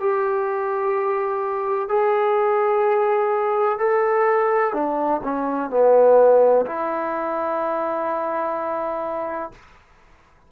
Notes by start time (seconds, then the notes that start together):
0.00 G4
1.89 G#4
3.79 A4
4.74 D4
5.23 C#4
5.70 B3
6.66 E4